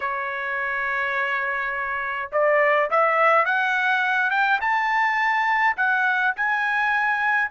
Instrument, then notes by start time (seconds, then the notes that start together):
trumpet
0.00 C#5
2.32 D5
2.90 E5
3.45 F#5
4.30 G5
4.60 A5
5.76 F#5
6.36 G#5